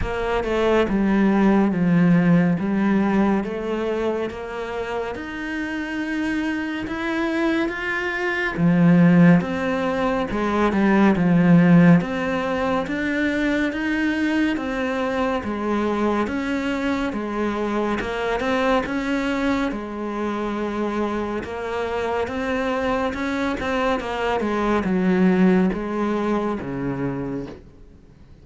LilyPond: \new Staff \with { instrumentName = "cello" } { \time 4/4 \tempo 4 = 70 ais8 a8 g4 f4 g4 | a4 ais4 dis'2 | e'4 f'4 f4 c'4 | gis8 g8 f4 c'4 d'4 |
dis'4 c'4 gis4 cis'4 | gis4 ais8 c'8 cis'4 gis4~ | gis4 ais4 c'4 cis'8 c'8 | ais8 gis8 fis4 gis4 cis4 | }